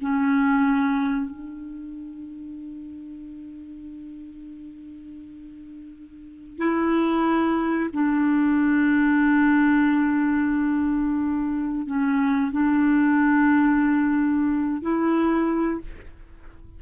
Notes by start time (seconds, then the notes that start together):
0.00 C#4
1.30 D4
6.58 E4
7.93 D4
11.86 C#4
12.51 D4
14.81 E4